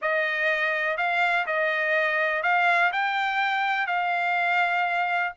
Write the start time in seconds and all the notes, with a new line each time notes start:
0.01 D#5
0.97 F5
1.46 D#5
2.42 F5
2.92 G5
3.86 F5